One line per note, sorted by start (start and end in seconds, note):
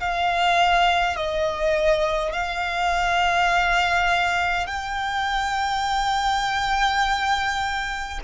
0.00 1.16 F5
1.16 2.33 D#5
2.33 4.66 F5
4.66 8.19 G5